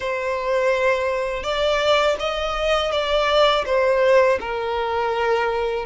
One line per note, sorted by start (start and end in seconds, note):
0.00 1.43 C5
1.43 2.16 D5
2.20 2.91 D#5
2.91 3.64 D5
3.66 4.39 C5
4.40 5.85 A#4